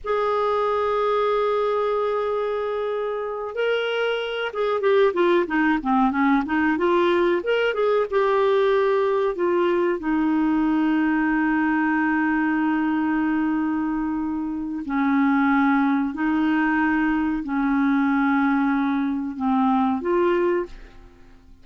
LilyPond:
\new Staff \with { instrumentName = "clarinet" } { \time 4/4 \tempo 4 = 93 gis'1~ | gis'4. ais'4. gis'8 g'8 | f'8 dis'8 c'8 cis'8 dis'8 f'4 ais'8 | gis'8 g'2 f'4 dis'8~ |
dis'1~ | dis'2. cis'4~ | cis'4 dis'2 cis'4~ | cis'2 c'4 f'4 | }